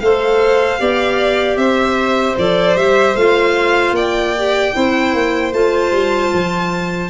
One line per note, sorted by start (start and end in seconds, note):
0.00 0.80 A3
0.00 0.79 A4
0.00 0.81 C5
0.00 1.57 F5
0.79 1.57 B3
0.79 2.37 G4
0.79 1.59 D5
1.57 2.36 C4
1.57 3.96 C5
1.57 2.36 E5
2.38 2.76 F3
2.38 2.78 A4
2.38 2.77 D5
2.76 3.15 G3
2.76 3.17 G4
2.76 3.17 E5
3.16 3.92 A3
3.16 4.36 F4
3.16 3.96 F5
3.92 4.71 A#3
3.92 4.75 D5
3.92 5.53 G5
4.37 4.74 G4
4.74 5.14 C4
4.74 5.53 E4
4.74 7.11 C5
5.14 5.53 A#3
5.53 5.92 A3
5.53 7.11 F4
5.53 7.11 A5
5.92 6.31 G3
6.34 7.11 F3